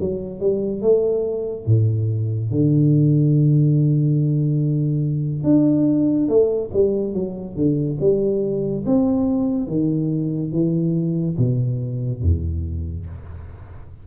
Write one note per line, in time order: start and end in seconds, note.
0.00 0.40 F#3
0.40 0.82 G3
0.82 1.66 A3
1.66 2.51 A2
2.51 5.44 D3
5.44 6.28 D4
6.28 6.71 A3
6.73 7.14 G3
7.14 7.56 F#3
7.56 7.98 D3
8.01 8.85 G3
8.86 9.68 C4
9.68 10.52 D#3
10.52 11.37 E3
11.38 12.22 B2
12.22 13.07 E2